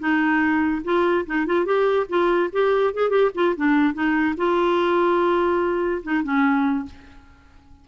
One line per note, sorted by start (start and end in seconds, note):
0.00 0.83 D#4
0.85 1.26 F4
1.27 1.47 D#4
1.47 1.66 F4
1.66 2.07 G4
2.09 2.51 F4
2.53 2.94 G4
2.94 3.10 G#4
3.10 3.31 G4
3.35 3.56 F4
3.57 3.94 D4
3.94 4.35 D#4
4.37 6.03 F4
6.03 6.24 D#4
6.24 6.86 C#4